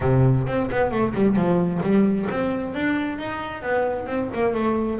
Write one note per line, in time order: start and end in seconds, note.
0.00 0.46 C3
0.47 0.69 C4
0.71 0.91 B3
0.91 1.13 A3
1.14 1.36 G3
1.36 1.81 F3
1.82 2.28 G3
2.30 2.74 C4
2.74 3.18 D4
3.18 3.62 D#4
3.62 4.06 B3
4.06 4.29 C4
4.34 4.54 A#3
4.54 4.99 A3